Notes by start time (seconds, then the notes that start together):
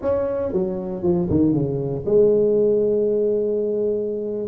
0.01 C#4
0.52 F#3
1.03 F3
1.30 D#3
1.53 C#3
2.05 G#3